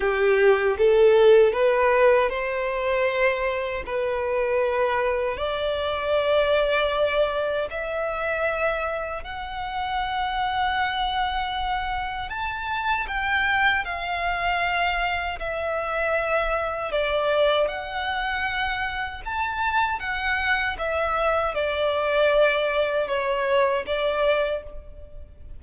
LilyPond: \new Staff \with { instrumentName = "violin" } { \time 4/4 \tempo 4 = 78 g'4 a'4 b'4 c''4~ | c''4 b'2 d''4~ | d''2 e''2 | fis''1 |
a''4 g''4 f''2 | e''2 d''4 fis''4~ | fis''4 a''4 fis''4 e''4 | d''2 cis''4 d''4 | }